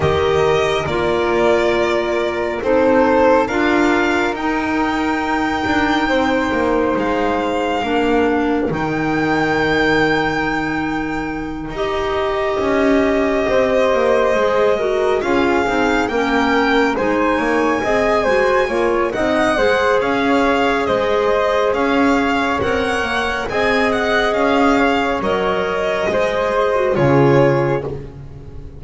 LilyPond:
<<
  \new Staff \with { instrumentName = "violin" } { \time 4/4 \tempo 4 = 69 dis''4 d''2 c''4 | f''4 g''2. | f''2 g''2~ | g''4. dis''2~ dis''8~ |
dis''4. f''4 g''4 gis''8~ | gis''2 fis''4 f''4 | dis''4 f''4 fis''4 gis''8 fis''8 | f''4 dis''2 cis''4 | }
  \new Staff \with { instrumentName = "flute" } { \time 4/4 ais'2. a'4 | ais'2. c''4~ | c''4 ais'2.~ | ais'2.~ ais'8 c''8~ |
c''4 ais'8 gis'4 ais'4 c''8 | cis''8 dis''8 c''8 cis''8 dis''8 c''8 cis''4 | c''4 cis''2 dis''4~ | dis''8 cis''4. c''4 gis'4 | }
  \new Staff \with { instrumentName = "clarinet" } { \time 4/4 g'4 f'2 dis'4 | f'4 dis'2.~ | dis'4 d'4 dis'2~ | dis'4. g'2~ g'8~ |
g'8 gis'8 fis'8 f'8 dis'8 cis'4 dis'8~ | dis'8 gis'8 fis'8 f'8 dis'8 gis'4.~ | gis'2 ais'4 gis'4~ | gis'4 ais'4 gis'8. fis'16 f'4 | }
  \new Staff \with { instrumentName = "double bass" } { \time 4/4 dis4 ais2 c'4 | d'4 dis'4. d'8 c'8 ais8 | gis4 ais4 dis2~ | dis4. dis'4 cis'4 c'8 |
ais8 gis4 cis'8 c'8 ais4 gis8 | ais8 c'8 gis8 ais8 c'8 gis8 cis'4 | gis4 cis'4 c'8 ais8 c'4 | cis'4 fis4 gis4 cis4 | }
>>